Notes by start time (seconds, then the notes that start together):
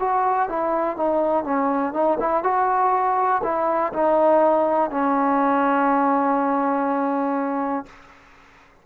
0.00 F#4
0.49 E4
0.97 D#4
1.44 C#4
1.94 D#4
2.20 E4
2.44 F#4
3.43 E4
3.93 D#4
4.91 C#4